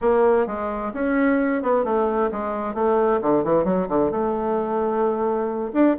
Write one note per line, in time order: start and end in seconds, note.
0.01 0.46 A#3
0.46 0.92 G#3
0.93 1.62 C#4
1.62 1.84 B3
1.84 2.30 A3
2.31 2.74 G#3
2.74 3.20 A3
3.21 3.44 D3
3.44 3.64 E3
3.64 3.87 F#3
3.88 4.11 D3
4.11 5.71 A3
5.73 5.96 D4